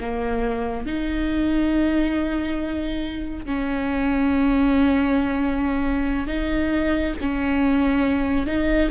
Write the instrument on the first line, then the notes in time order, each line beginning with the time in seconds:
viola
0.00 A#3
0.86 D#4
3.46 C#4
6.27 D#4
7.21 C#4
8.46 D#4